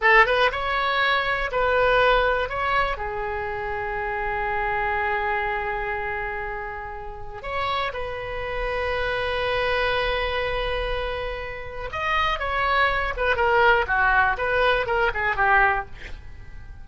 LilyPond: \new Staff \with { instrumentName = "oboe" } { \time 4/4 \tempo 4 = 121 a'8 b'8 cis''2 b'4~ | b'4 cis''4 gis'2~ | gis'1~ | gis'2. cis''4 |
b'1~ | b'1 | dis''4 cis''4. b'8 ais'4 | fis'4 b'4 ais'8 gis'8 g'4 | }